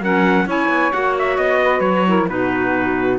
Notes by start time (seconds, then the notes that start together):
0.00 F#3 C#4 A#4 F#5
0.45 C#4 E4 C#5 G#5
0.69 B3
0.92 A#3 F#4 F#5
1.18 E5
1.37 B3 D#5
1.62 B4
1.80 F#3 C#5
2.06 E4 A#4
2.28 B2 D#4 F#4 B4